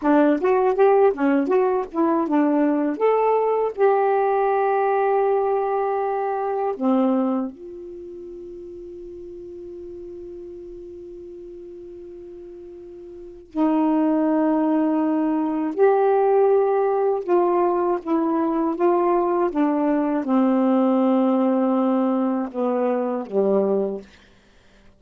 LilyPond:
\new Staff \with { instrumentName = "saxophone" } { \time 4/4 \tempo 4 = 80 d'8 fis'8 g'8 cis'8 fis'8 e'8 d'4 | a'4 g'2.~ | g'4 c'4 f'2~ | f'1~ |
f'2 dis'2~ | dis'4 g'2 f'4 | e'4 f'4 d'4 c'4~ | c'2 b4 g4 | }